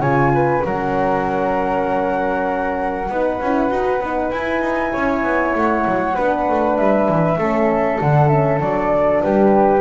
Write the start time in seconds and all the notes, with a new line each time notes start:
0.00 C#3 F4 C#5 G#5
0.35 B4
0.65 F#3 C#4 A#4 F#5
3.10 B3 D#4 B4
3.41 C#4 E4
3.70 D#4 F#4
4.01 B3 D#4
4.32 E4 G#5
4.62 D#4
4.93 C#4 C#5
5.24 B3
5.55 A3 F#5
5.87 F#3
6.16 B3 D4 B4
6.50 A3
6.77 G3 E5
7.09 E3
7.38 A3 C#4 A4
8.00 D3 D4 F#5
8.29 C#4 E5
8.60 F#3 D4 D5
9.23 G3 G4 B4